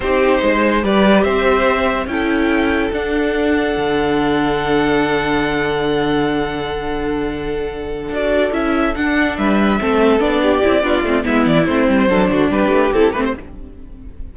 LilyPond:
<<
  \new Staff \with { instrumentName = "violin" } { \time 4/4 \tempo 4 = 144 c''2 d''4 e''4~ | e''4 g''2 fis''4~ | fis''1~ | fis''1~ |
fis''2.~ fis''8 d''8~ | d''8 e''4 fis''4 e''4.~ | e''8 d''2~ d''8 e''8 d''8 | c''2 b'4 a'8 b'16 c''16 | }
  \new Staff \with { instrumentName = "violin" } { \time 4/4 g'4 c''4 b'4 c''4~ | c''4 a'2.~ | a'1~ | a'1~ |
a'1~ | a'2~ a'8 b'4 a'8~ | a'4 g'4 f'4 e'4~ | e'4 a'8 fis'8 g'2 | }
  \new Staff \with { instrumentName = "viola" } { \time 4/4 dis'2 g'2~ | g'4 e'2 d'4~ | d'1~ | d'1~ |
d'2.~ d'8 fis'8~ | fis'8 e'4 d'2 c'8~ | c'8 d'4 e'8 d'8 c'8 b4 | c'4 d'2 e'8 c'8 | }
  \new Staff \with { instrumentName = "cello" } { \time 4/4 c'4 gis4 g4 c'4~ | c'4 cis'2 d'4~ | d'4 d2.~ | d1~ |
d2.~ d8 d'8~ | d'8 cis'4 d'4 g4 a8~ | a8 b4 c'8 b8 a8 gis8 e8 | a8 g8 fis8 d8 g8 a8 c'8 a8 | }
>>